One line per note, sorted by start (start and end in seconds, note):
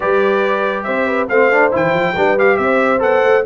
0.00 0.87 G3
0.00 1.28 G4
0.00 0.85 B4
0.00 0.83 D5
0.83 1.29 C4
0.83 1.06 C5
0.83 1.26 E5
1.06 1.28 B4
1.29 1.72 A3
1.29 1.51 C4
1.29 2.15 C5
1.29 1.72 F5
1.51 1.71 D4
1.71 1.93 E3
1.71 2.14 E4
1.71 2.39 G5
1.93 2.15 F3
2.16 2.58 G3
2.16 2.37 D4
2.16 2.59 B4
2.37 2.98 G4
2.37 2.56 F5
2.56 3.01 C4
2.56 3.00 E5
2.63 3.45 C5
2.98 3.23 B3
2.98 3.41 A4
2.98 3.45 F#5
3.23 3.44 A3